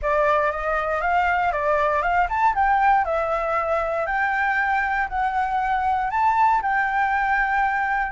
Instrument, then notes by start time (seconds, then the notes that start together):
flute
0.01 D5
0.51 D#5
1.01 F5
1.52 D5
2.02 F5
2.29 A5
2.54 G5
3.05 E5
4.06 G5
5.08 F#5
6.10 A5
6.62 G5